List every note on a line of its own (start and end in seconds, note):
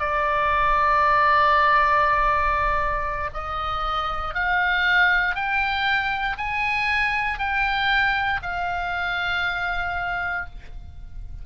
0.00 3.31 D5
3.34 4.35 D#5
4.35 5.36 F5
5.36 6.37 G5
6.38 7.39 G#5
7.39 8.41 G5
8.43 10.46 F5